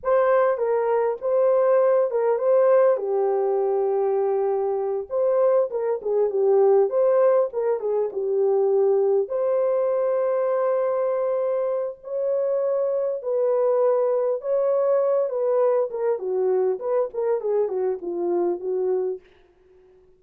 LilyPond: \new Staff \with { instrumentName = "horn" } { \time 4/4 \tempo 4 = 100 c''4 ais'4 c''4. ais'8 | c''4 g'2.~ | g'8 c''4 ais'8 gis'8 g'4 c''8~ | c''8 ais'8 gis'8 g'2 c''8~ |
c''1 | cis''2 b'2 | cis''4. b'4 ais'8 fis'4 | b'8 ais'8 gis'8 fis'8 f'4 fis'4 | }